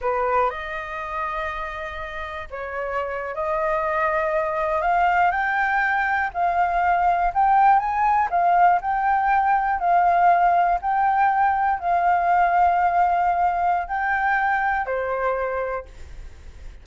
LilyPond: \new Staff \with { instrumentName = "flute" } { \time 4/4 \tempo 4 = 121 b'4 dis''2.~ | dis''4 cis''4.~ cis''16 dis''4~ dis''16~ | dis''4.~ dis''16 f''4 g''4~ g''16~ | g''8. f''2 g''4 gis''16~ |
gis''8. f''4 g''2 f''16~ | f''4.~ f''16 g''2 f''16~ | f''1 | g''2 c''2 | }